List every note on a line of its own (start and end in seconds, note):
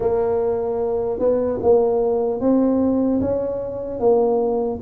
0.00 1.19 A#3
1.19 1.59 B3
1.62 2.40 A#3
2.40 3.20 C4
3.20 3.99 C#4
3.99 4.79 A#3